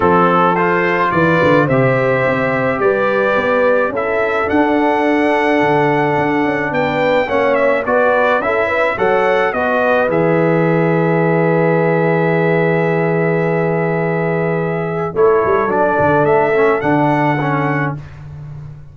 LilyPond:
<<
  \new Staff \with { instrumentName = "trumpet" } { \time 4/4 \tempo 4 = 107 a'4 c''4 d''4 e''4~ | e''4 d''2 e''4 | fis''1 | g''4 fis''8 e''8 d''4 e''4 |
fis''4 dis''4 e''2~ | e''1~ | e''2. cis''4 | d''4 e''4 fis''2 | }
  \new Staff \with { instrumentName = "horn" } { \time 4/4 a'2 b'4 c''4~ | c''4 b'2 a'4~ | a'1 | b'4 cis''4 b'4 a'8 b'8 |
cis''4 b'2.~ | b'1~ | b'2. a'4~ | a'1 | }
  \new Staff \with { instrumentName = "trombone" } { \time 4/4 c'4 f'2 g'4~ | g'2. e'4 | d'1~ | d'4 cis'4 fis'4 e'4 |
a'4 fis'4 gis'2~ | gis'1~ | gis'2. e'4 | d'4. cis'8 d'4 cis'4 | }
  \new Staff \with { instrumentName = "tuba" } { \time 4/4 f2 e8 d8 c4 | c'4 g4 b4 cis'4 | d'2 d4 d'8 cis'8 | b4 ais4 b4 cis'4 |
fis4 b4 e2~ | e1~ | e2. a8 g8 | fis8 d8 a4 d2 | }
>>